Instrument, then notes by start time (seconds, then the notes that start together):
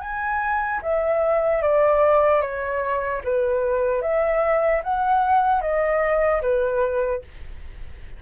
flute
0.00 G#5
0.82 E5
1.62 D5
2.41 C#5
3.24 B4
4.01 E5
4.83 F#5
5.61 D#5
6.41 B4